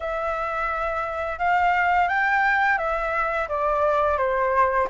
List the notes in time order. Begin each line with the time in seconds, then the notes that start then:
0.00 E5
1.38 F5
2.08 G5
2.78 E5
3.48 D5
4.17 C5